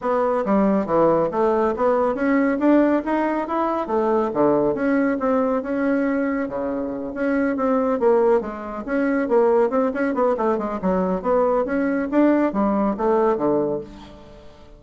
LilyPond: \new Staff \with { instrumentName = "bassoon" } { \time 4/4 \tempo 4 = 139 b4 g4 e4 a4 | b4 cis'4 d'4 dis'4 | e'4 a4 d4 cis'4 | c'4 cis'2 cis4~ |
cis8 cis'4 c'4 ais4 gis8~ | gis8 cis'4 ais4 c'8 cis'8 b8 | a8 gis8 fis4 b4 cis'4 | d'4 g4 a4 d4 | }